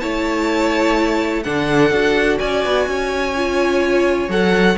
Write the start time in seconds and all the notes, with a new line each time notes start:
0.00 A3 E4 C#5 A5
1.43 D3 D4 A4 F#5
1.91 D4 F#4
2.39 C#4 D5 G#5
2.65 B3
2.87 C#4 C#5
3.36 F4
4.28 F#3 A4 F#5